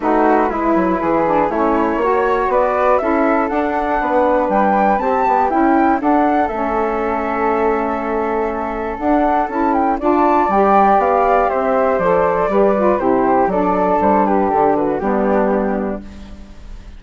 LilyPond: <<
  \new Staff \with { instrumentName = "flute" } { \time 4/4 \tempo 4 = 120 b'2. cis''4~ | cis''4 d''4 e''4 fis''4~ | fis''4 g''4 a''4 g''4 | fis''4 e''2.~ |
e''2 fis''4 a''8 g''8 | a''4 g''4 f''4 e''4 | d''2 c''4 d''4 | c''8 b'8 a'8 b'8 g'2 | }
  \new Staff \with { instrumentName = "flute" } { \time 4/4 fis'4 e'4 gis'4 e'4 | cis''4 b'4 a'2 | b'2 g'4 e'4 | a'1~ |
a'1 | d''2. c''4~ | c''4 b'4 g'4 a'4~ | a'8 g'4 fis'8 d'2 | }
  \new Staff \with { instrumentName = "saxophone" } { \time 4/4 dis'4 e'4. d'8 cis'4 | fis'2 e'4 d'4~ | d'2 c'8 b8 e'4 | d'4 cis'2.~ |
cis'2 d'4 e'4 | f'4 g'2. | a'4 g'8 f'8 e'4 d'4~ | d'2 b2 | }
  \new Staff \with { instrumentName = "bassoon" } { \time 4/4 a4 gis8 fis8 e4 a4 | ais4 b4 cis'4 d'4 | b4 g4 c'8 b8 cis'4 | d'4 a2.~ |
a2 d'4 cis'4 | d'4 g4 b4 c'4 | f4 g4 c4 fis4 | g4 d4 g2 | }
>>